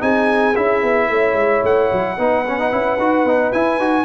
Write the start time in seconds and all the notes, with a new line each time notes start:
0.00 C4 D#4 G#4 G#5
0.56 C#4 E4 E5
0.83 B3
1.10 A3 C#5
1.34 G#3
1.64 A3 F#5
1.93 F#3
2.18 B3 D#4 B4
2.48 C#4
2.60 D#4
2.72 C#4 E4
2.99 D#4 F#4
3.25 B3 D#4
3.53 E4 G#5
3.78 D#4 F#4